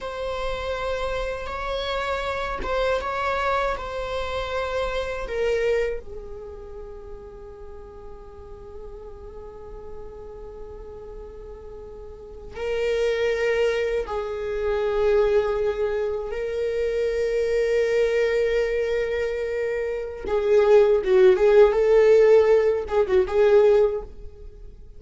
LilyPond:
\new Staff \with { instrumentName = "viola" } { \time 4/4 \tempo 4 = 80 c''2 cis''4. c''8 | cis''4 c''2 ais'4 | gis'1~ | gis'1~ |
gis'8. ais'2 gis'4~ gis'16~ | gis'4.~ gis'16 ais'2~ ais'16~ | ais'2. gis'4 | fis'8 gis'8 a'4. gis'16 fis'16 gis'4 | }